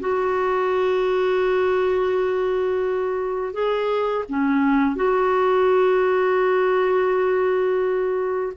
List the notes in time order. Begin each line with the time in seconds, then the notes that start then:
0.00 F#4
3.53 G#4
4.29 C#4
4.95 F#4